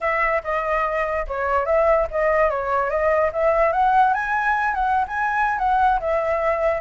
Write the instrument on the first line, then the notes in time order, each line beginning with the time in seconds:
flute
0.01 E5
0.43 D#5
1.27 C#5
1.65 E5
2.10 D#5
2.50 C#5
2.90 D#5
3.33 E5
3.72 F#5
4.13 G#5
4.74 F#5
5.07 G#5
5.58 F#5
6.00 E5